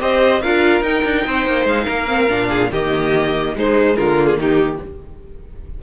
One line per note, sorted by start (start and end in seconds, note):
0.00 0.42 C4
0.00 0.42 G4
0.00 0.42 C5
0.00 0.41 D#5
0.41 0.82 D4
0.41 0.83 F4
0.41 1.25 A#4
0.41 0.83 F5
0.82 1.02 D#4
0.82 2.07 D#4
0.82 1.67 G5
1.04 1.25 D4
1.26 1.47 C4
1.26 1.84 C5
1.47 1.65 A#3
1.65 1.86 G#3
1.65 2.72 F5
1.84 2.30 A#3
1.84 2.46 A#4
2.07 2.28 C4
2.29 2.71 A#2
2.29 2.70 D4
2.49 2.70 G#4
2.71 3.55 D#3
2.71 3.56 A#3
2.71 3.55 G4
2.71 3.56 D#5
3.55 3.97 G#3
3.55 4.16 G#3
3.55 3.97 D#4
3.55 3.96 C5
3.96 4.37 D3
3.96 4.39 F4
3.96 4.27 A#4
4.16 4.78 A#3
4.27 4.37 G#4
4.37 4.78 D#3
4.37 4.81 D#4
4.37 4.82 G4